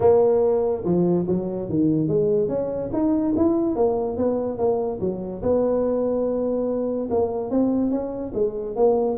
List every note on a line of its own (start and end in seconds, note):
0.00 0.83 A#3
0.84 1.26 F3
1.27 1.69 F#3
1.69 2.07 D#3
2.07 2.48 G#3
2.48 2.90 C#4
2.92 3.34 D#4
3.36 3.75 E4
3.75 4.17 A#3
4.17 4.58 B3
4.58 4.99 A#3
5.00 5.42 F#3
5.42 7.09 B3
7.10 7.50 A#3
7.50 7.91 C4
7.91 8.32 C#4
8.34 8.75 G#3
8.76 9.17 A#3